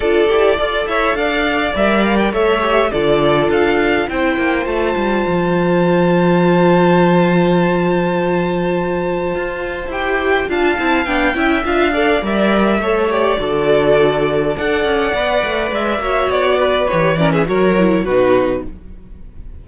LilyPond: <<
  \new Staff \with { instrumentName = "violin" } { \time 4/4 \tempo 4 = 103 d''4. e''8 f''4 e''8 f''16 g''16 | e''4 d''4 f''4 g''4 | a''1~ | a''1~ |
a''4 g''4 a''4 g''4 | f''4 e''4. d''4.~ | d''4 fis''2 e''4 | d''4 cis''8 d''16 e''16 cis''4 b'4 | }
  \new Staff \with { instrumentName = "violin" } { \time 4/4 a'4 d''8 cis''8 d''2 | cis''4 a'2 c''4~ | c''1~ | c''1~ |
c''2 f''4. e''8~ | e''8 d''4. cis''4 a'4~ | a'4 d''2~ d''8 cis''8~ | cis''8 b'4 ais'16 gis'16 ais'4 fis'4 | }
  \new Staff \with { instrumentName = "viola" } { \time 4/4 f'8 g'8 a'2 ais'4 | a'8 g'8 f'2 e'4 | f'1~ | f'1~ |
f'4 g'4 f'8 e'8 d'8 e'8 | f'8 a'8 ais'4 a'8 g'8 fis'4~ | fis'4 a'4 b'4. fis'8~ | fis'4 g'8 cis'8 fis'8 e'8 dis'4 | }
  \new Staff \with { instrumentName = "cello" } { \time 4/4 d'8 e'8 f'8 e'8 d'4 g4 | a4 d4 d'4 c'8 ais8 | a8 g8 f2.~ | f1 |
f'4 e'4 d'8 c'8 b8 cis'8 | d'4 g4 a4 d4~ | d4 d'8 cis'8 b8 a8 gis8 ais8 | b4 e4 fis4 b,4 | }
>>